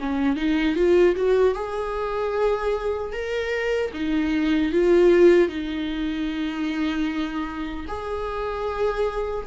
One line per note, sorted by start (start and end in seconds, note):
0.00 0.36 C#4
0.36 0.76 D#4
0.76 1.16 F4
1.16 1.55 F#4
1.55 3.13 G#4
3.13 3.92 A#4
3.93 4.72 D#4
4.72 5.49 F4
5.49 7.86 D#4
7.88 9.46 G#4